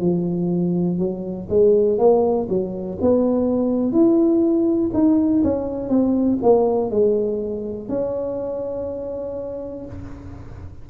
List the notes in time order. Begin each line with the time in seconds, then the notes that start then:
0.00 F3
0.99 F#3
1.50 G#3
1.99 A#3
2.49 F#3
3.01 B3
3.93 E4
4.94 D#4
5.44 C#4
5.90 C4
6.43 A#3
6.91 G#3
7.89 C#4